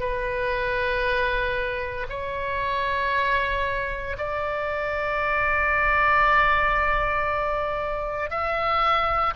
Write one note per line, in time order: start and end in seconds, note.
0.00 2.07 B4
2.10 4.17 C#5
4.18 8.30 D5
8.30 9.34 E5